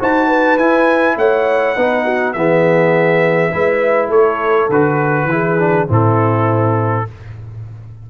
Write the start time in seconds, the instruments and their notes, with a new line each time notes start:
0.00 tuba D#4, trombone F#4, horn C5, trumpet A5
0.28 horn B4
0.58 tuba E4, trombone E4, trumpet G#5
1.17 tuba A3, horn C#5, trumpet F#5
1.76 tuba B3, trombone D#4, horn B4
2.05 horn F#4
2.33 tuba E3, trombone B3, horn G#4, trumpet E5
3.52 tuba G#3, trombone E4, horn B4
4.09 tuba A3, horn A4, trumpet C#5
4.70 tuba D3, trombone F#4, trumpet B4
5.25 tuba E3, trombone E4
5.32 horn G#4
5.59 trombone D4
5.88 tuba A2, trombone C4, horn E4, trumpet A4